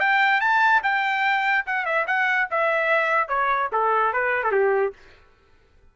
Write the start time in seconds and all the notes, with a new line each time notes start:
0.00 G5
0.41 A5
0.83 G5
1.66 F#5
1.85 E5
2.07 F#5
2.51 E5
3.28 C#5
3.72 A4
4.13 B4
4.43 A4
4.52 G4